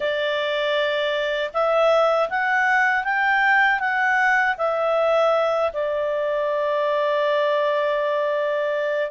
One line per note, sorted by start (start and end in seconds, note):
0.00 1.51 D5
1.53 2.29 E5
2.29 3.04 F#5
3.04 3.79 G5
3.79 4.55 F#5
4.57 5.71 E5
5.73 9.10 D5